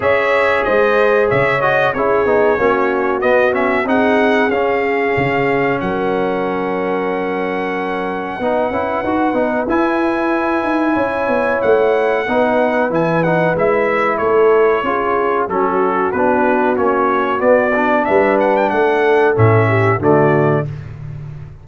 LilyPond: <<
  \new Staff \with { instrumentName = "trumpet" } { \time 4/4 \tempo 4 = 93 e''4 dis''4 e''8 dis''8 cis''4~ | cis''4 dis''8 e''8 fis''4 f''4~ | f''4 fis''2.~ | fis''2. gis''4~ |
gis''2 fis''2 | gis''8 fis''8 e''4 cis''2 | a'4 b'4 cis''4 d''4 | e''8 fis''16 g''16 fis''4 e''4 d''4 | }
  \new Staff \with { instrumentName = "horn" } { \time 4/4 cis''4 c''4 cis''4 gis'4 | fis'2 gis'2~ | gis'4 ais'2.~ | ais'4 b'2.~ |
b'4 cis''2 b'4~ | b'2 a'4 gis'4 | fis'1 | b'4 a'4. g'8 fis'4 | }
  \new Staff \with { instrumentName = "trombone" } { \time 4/4 gis'2~ gis'8 fis'8 e'8 dis'8 | cis'4 b8 cis'8 dis'4 cis'4~ | cis'1~ | cis'4 dis'8 e'8 fis'8 dis'8 e'4~ |
e'2. dis'4 | e'8 dis'8 e'2 f'4 | cis'4 d'4 cis'4 b8 d'8~ | d'2 cis'4 a4 | }
  \new Staff \with { instrumentName = "tuba" } { \time 4/4 cis'4 gis4 cis4 cis'8 b8 | ais4 b4 c'4 cis'4 | cis4 fis2.~ | fis4 b8 cis'8 dis'8 b8 e'4~ |
e'8 dis'8 cis'8 b8 a4 b4 | e4 gis4 a4 cis'4 | fis4 b4 ais4 b4 | g4 a4 a,4 d4 | }
>>